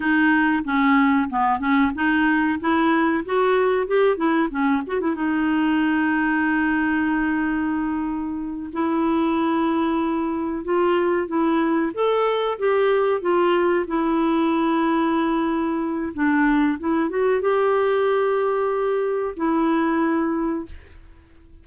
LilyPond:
\new Staff \with { instrumentName = "clarinet" } { \time 4/4 \tempo 4 = 93 dis'4 cis'4 b8 cis'8 dis'4 | e'4 fis'4 g'8 e'8 cis'8 fis'16 e'16 | dis'1~ | dis'4. e'2~ e'8~ |
e'8 f'4 e'4 a'4 g'8~ | g'8 f'4 e'2~ e'8~ | e'4 d'4 e'8 fis'8 g'4~ | g'2 e'2 | }